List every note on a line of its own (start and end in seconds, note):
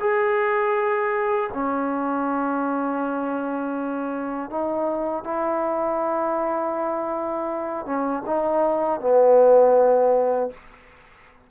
0.00 1.50 G#4
1.53 4.50 C#4
4.50 5.24 D#4
5.24 7.85 E4
7.85 8.23 C#4
8.26 9.00 D#4
9.00 10.50 B3